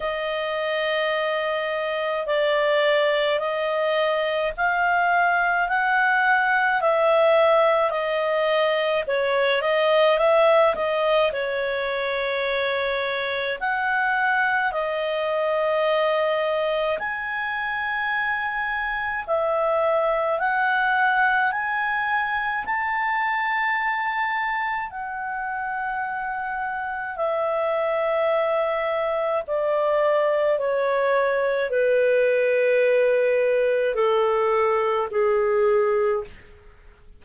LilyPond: \new Staff \with { instrumentName = "clarinet" } { \time 4/4 \tempo 4 = 53 dis''2 d''4 dis''4 | f''4 fis''4 e''4 dis''4 | cis''8 dis''8 e''8 dis''8 cis''2 | fis''4 dis''2 gis''4~ |
gis''4 e''4 fis''4 gis''4 | a''2 fis''2 | e''2 d''4 cis''4 | b'2 a'4 gis'4 | }